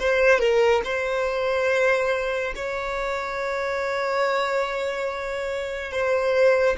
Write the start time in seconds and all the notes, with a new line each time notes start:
0.00 C5
0.40 A#4
0.85 C5
2.56 C#5
5.92 C5